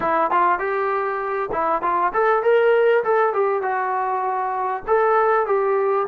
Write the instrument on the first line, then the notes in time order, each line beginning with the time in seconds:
trombone
0.00 E4
0.30 F4
0.58 G4
1.52 E4
1.82 F4
2.13 A4
2.42 A#4
3.04 A4
3.33 G4
3.62 F#4
4.87 A4
5.46 G4